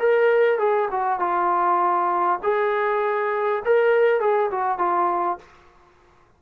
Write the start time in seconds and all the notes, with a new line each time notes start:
0.00 A#4
0.59 G#4
0.92 F#4
1.20 F4
2.43 G#4
3.65 A#4
4.21 G#4
4.52 F#4
4.79 F4